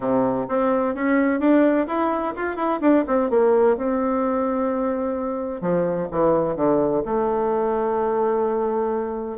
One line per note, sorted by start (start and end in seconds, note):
0.00 0.46 C3
0.48 0.94 C4
0.94 1.40 C#4
1.40 1.86 D4
1.87 2.34 E4
2.36 2.56 F4
2.56 2.79 E4
2.81 3.04 D4
3.07 3.30 C4
3.30 3.76 A#3
3.76 5.61 C4
5.61 6.08 F3
6.11 6.56 E3
6.56 7.02 D3
7.05 9.38 A3